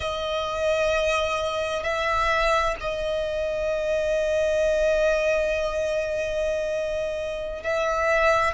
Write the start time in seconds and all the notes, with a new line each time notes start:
0.00 D#5
1.83 E5
2.80 D#5
7.63 E5